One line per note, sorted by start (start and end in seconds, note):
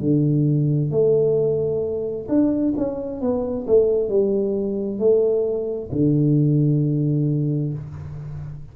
0.00 0.91 D3
0.91 2.27 A3
2.29 2.74 D4
2.77 3.21 C#4
3.21 3.66 B3
3.67 4.09 A3
4.09 4.99 G3
4.99 5.90 A3
5.92 7.74 D3